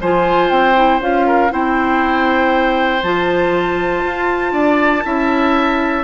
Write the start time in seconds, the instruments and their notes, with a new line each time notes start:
0.00 bassoon F3, clarinet F4, oboe C5, flute G#5
0.49 bassoon C4, flute G5
0.74 clarinet E4
1.00 bassoon C#4, clarinet F4, flute F5
1.26 oboe A#4
1.49 bassoon C4, clarinet E4, oboe C5, flute G5
3.02 bassoon F3, clarinet F4, flute A5
4.04 bassoon F4
4.52 bassoon D4, oboe D5
5.03 bassoon C#4, clarinet E4, oboe E5